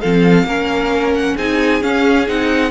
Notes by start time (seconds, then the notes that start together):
0.00 F3 C4 A4 F5
0.44 A#3 C#4 A#4
1.14 F#5
1.35 C4 D#4 G#4 G#5
1.81 C#4 F5
2.27 C4 D#4 F#5